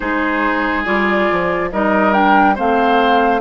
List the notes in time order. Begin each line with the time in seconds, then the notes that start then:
0.00 G#3 D#4 G#4 C5
0.84 G3 F4 D5
1.31 F3
1.71 G3 D#4 A#4 D#5
2.12 D4 G5
2.55 A3 C4 C5 F5